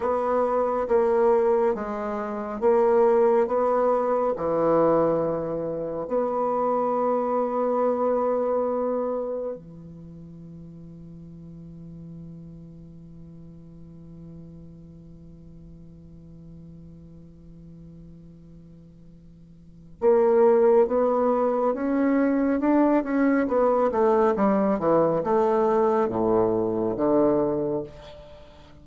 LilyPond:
\new Staff \with { instrumentName = "bassoon" } { \time 4/4 \tempo 4 = 69 b4 ais4 gis4 ais4 | b4 e2 b4~ | b2. e4~ | e1~ |
e1~ | e2. ais4 | b4 cis'4 d'8 cis'8 b8 a8 | g8 e8 a4 a,4 d4 | }